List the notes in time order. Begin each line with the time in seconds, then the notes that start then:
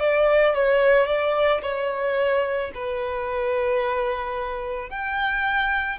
0.00 D5
0.55 C#5
1.07 D5
1.63 C#5
2.75 B4
4.90 G5